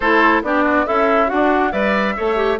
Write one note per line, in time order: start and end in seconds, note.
0.00 0.42 A3
0.00 0.44 E4
0.00 0.42 A4
0.00 0.42 C5
0.42 0.85 B3
0.42 0.86 D4
0.42 0.63 G4
0.42 0.86 D5
0.63 0.85 F#4
0.86 1.31 C#4
0.86 1.30 E4
0.86 1.27 A4
0.86 1.29 E5
1.27 1.72 D4
1.27 1.70 F#4
1.27 1.72 F#5
1.34 1.72 D4
1.72 2.15 G3
1.72 2.15 B4
1.72 2.15 D5
1.72 2.58 E5
2.16 2.59 A3
2.16 2.36 A4
2.16 2.59 C#5
2.36 2.57 G4